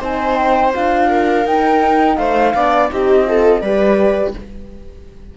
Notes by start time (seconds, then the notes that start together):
0.00 C4 D#4 C5 G#5
0.36 G5
0.74 D4 F4 F5
1.09 A#4
1.46 D#4 G5
2.17 A3 C5 F5
2.55 B3 D4 D5
2.91 C4 D#4 G4 D#5
3.26 F4 A4
3.61 G3 G4 B4 D5